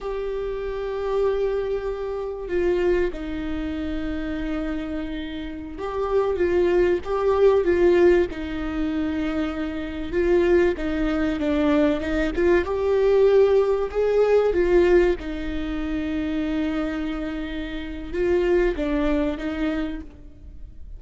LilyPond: \new Staff \with { instrumentName = "viola" } { \time 4/4 \tempo 4 = 96 g'1 | f'4 dis'2.~ | dis'4~ dis'16 g'4 f'4 g'8.~ | g'16 f'4 dis'2~ dis'8.~ |
dis'16 f'4 dis'4 d'4 dis'8 f'16~ | f'16 g'2 gis'4 f'8.~ | f'16 dis'2.~ dis'8.~ | dis'4 f'4 d'4 dis'4 | }